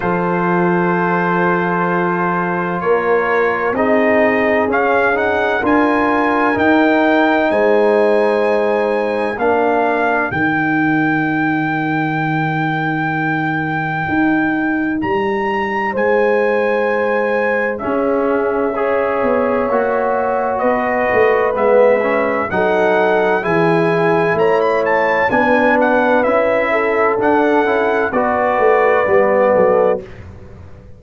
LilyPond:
<<
  \new Staff \with { instrumentName = "trumpet" } { \time 4/4 \tempo 4 = 64 c''2. cis''4 | dis''4 f''8 fis''8 gis''4 g''4 | gis''2 f''4 g''4~ | g''1 |
ais''4 gis''2 e''4~ | e''2 dis''4 e''4 | fis''4 gis''4 ais''16 b''16 a''8 gis''8 fis''8 | e''4 fis''4 d''2 | }
  \new Staff \with { instrumentName = "horn" } { \time 4/4 a'2. ais'4 | gis'2 ais'2 | c''2 ais'2~ | ais'1~ |
ais'4 c''2 gis'4 | cis''2 b'2 | a'4 gis'4 cis''4 b'4~ | b'8 a'4. b'4. a'8 | }
  \new Staff \with { instrumentName = "trombone" } { \time 4/4 f'1 | dis'4 cis'8 dis'8 f'4 dis'4~ | dis'2 d'4 dis'4~ | dis'1~ |
dis'2. cis'4 | gis'4 fis'2 b8 cis'8 | dis'4 e'2 d'4 | e'4 d'8 e'8 fis'4 b4 | }
  \new Staff \with { instrumentName = "tuba" } { \time 4/4 f2. ais4 | c'4 cis'4 d'4 dis'4 | gis2 ais4 dis4~ | dis2. dis'4 |
g4 gis2 cis'4~ | cis'8 b8 ais4 b8 a8 gis4 | fis4 e4 a4 b4 | cis'4 d'8 cis'8 b8 a8 g8 fis8 | }
>>